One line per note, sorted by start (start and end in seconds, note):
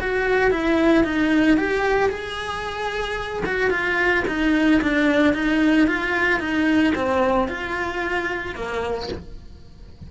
0.00 0.50 F#4
0.50 1.04 E4
1.04 1.57 D#4
1.57 2.09 G4
2.09 3.43 G#4
3.45 3.70 F#4
3.70 4.24 F4
4.27 4.81 D#4
4.81 5.33 D4
5.33 5.87 D#4
5.87 6.39 F4
6.39 6.93 D#4
6.95 7.48 C4
7.48 8.55 F4
8.55 9.08 A#3